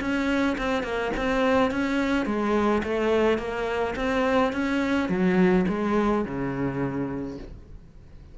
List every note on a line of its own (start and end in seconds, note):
0.00 0.57 C#4
0.58 0.83 C4
0.83 1.11 A#3
1.16 1.71 C4
1.71 2.26 C#4
2.26 2.82 G#3
2.83 3.38 A3
3.38 3.95 A#3
3.96 4.52 C4
4.52 5.09 C#4
5.09 5.65 F#3
5.68 6.25 G#3
6.25 7.38 C#3